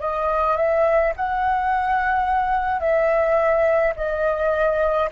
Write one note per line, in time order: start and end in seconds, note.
0.00 0.56 D#5
0.56 1.13 E5
1.16 2.80 F#5
2.80 3.93 E5
3.96 5.09 D#5